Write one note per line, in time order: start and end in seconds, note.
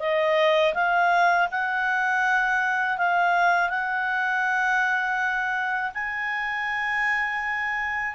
0.00 0.74 D#5
0.75 1.49 F5
1.52 2.98 F#5
2.98 3.70 F5
3.70 5.92 F#5
5.95 8.15 G#5